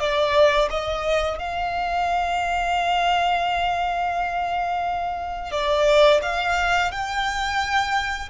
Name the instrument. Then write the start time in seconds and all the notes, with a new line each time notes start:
violin
0.00 D5
0.71 D#5
1.39 F5
5.52 D5
6.23 F5
6.92 G5